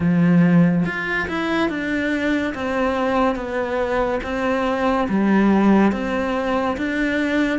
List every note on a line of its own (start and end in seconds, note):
0.00 0.85 F3
0.85 1.28 F4
1.28 1.69 E4
1.69 2.54 D4
2.54 3.35 C4
3.35 4.19 B3
4.23 5.07 C4
5.08 5.92 G3
5.92 6.76 C4
6.77 7.59 D4